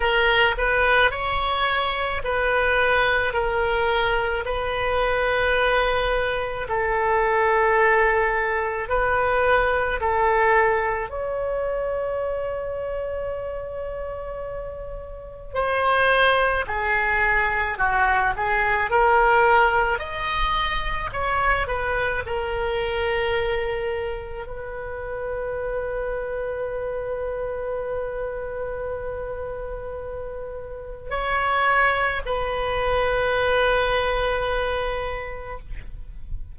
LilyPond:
\new Staff \with { instrumentName = "oboe" } { \time 4/4 \tempo 4 = 54 ais'8 b'8 cis''4 b'4 ais'4 | b'2 a'2 | b'4 a'4 cis''2~ | cis''2 c''4 gis'4 |
fis'8 gis'8 ais'4 dis''4 cis''8 b'8 | ais'2 b'2~ | b'1 | cis''4 b'2. | }